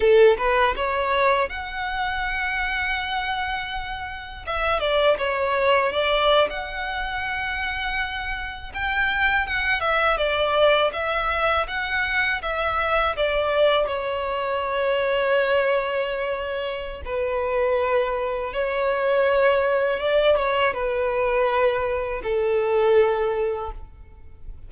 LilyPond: \new Staff \with { instrumentName = "violin" } { \time 4/4 \tempo 4 = 81 a'8 b'8 cis''4 fis''2~ | fis''2 e''8 d''8 cis''4 | d''8. fis''2. g''16~ | g''8. fis''8 e''8 d''4 e''4 fis''16~ |
fis''8. e''4 d''4 cis''4~ cis''16~ | cis''2. b'4~ | b'4 cis''2 d''8 cis''8 | b'2 a'2 | }